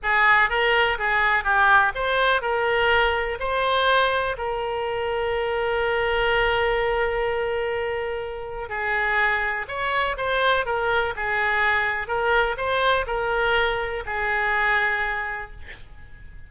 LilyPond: \new Staff \with { instrumentName = "oboe" } { \time 4/4 \tempo 4 = 124 gis'4 ais'4 gis'4 g'4 | c''4 ais'2 c''4~ | c''4 ais'2.~ | ais'1~ |
ais'2 gis'2 | cis''4 c''4 ais'4 gis'4~ | gis'4 ais'4 c''4 ais'4~ | ais'4 gis'2. | }